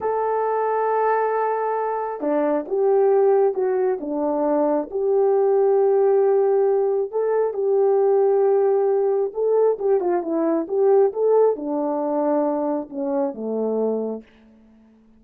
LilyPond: \new Staff \with { instrumentName = "horn" } { \time 4/4 \tempo 4 = 135 a'1~ | a'4 d'4 g'2 | fis'4 d'2 g'4~ | g'1 |
a'4 g'2.~ | g'4 a'4 g'8 f'8 e'4 | g'4 a'4 d'2~ | d'4 cis'4 a2 | }